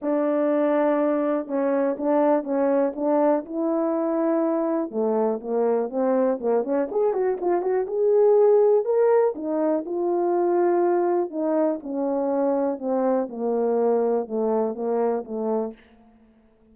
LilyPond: \new Staff \with { instrumentName = "horn" } { \time 4/4 \tempo 4 = 122 d'2. cis'4 | d'4 cis'4 d'4 e'4~ | e'2 a4 ais4 | c'4 ais8 cis'8 gis'8 fis'8 f'8 fis'8 |
gis'2 ais'4 dis'4 | f'2. dis'4 | cis'2 c'4 ais4~ | ais4 a4 ais4 a4 | }